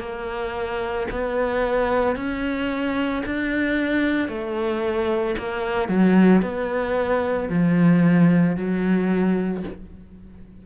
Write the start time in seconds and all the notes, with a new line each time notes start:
0.00 A#3
1.12 B3
2.16 C#4
3.26 D4
4.29 A3
5.39 A#3
5.89 F#3
6.42 B3
7.50 F3
8.57 F#3